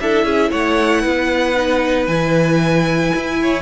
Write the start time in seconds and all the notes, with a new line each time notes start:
0.00 D4 E4 A4 E5
0.24 C#4 G#4
0.50 A3 C#5 F#5
1.01 B3 B4
1.55 D#4
2.06 E3 E4 G#5
3.15 E4
3.42 C#5